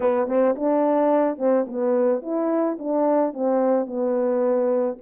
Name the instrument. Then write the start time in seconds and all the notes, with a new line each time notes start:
horn
0.00 B3
0.27 C4
0.55 D4
1.38 C4
1.67 B3
2.22 E4
2.78 D4
3.33 C4
3.86 B3